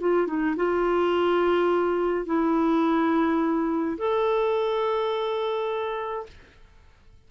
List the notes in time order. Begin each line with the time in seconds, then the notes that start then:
0.00 F4
0.26 D#4
0.56 F4
2.25 E4
3.97 A4